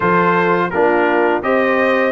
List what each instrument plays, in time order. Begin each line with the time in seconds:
0.00 tuba F3, trombone F4, horn A4, trumpet C5
0.70 tuba A#3, trombone D4, horn F4, trumpet A#4
1.42 tuba C4, trombone G4, horn C5, trumpet D#5